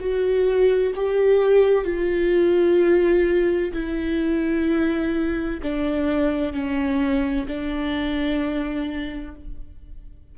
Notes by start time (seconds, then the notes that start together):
0.00 F#4
0.96 G4
1.85 F4
3.73 E4
5.63 D4
6.53 C#4
7.48 D4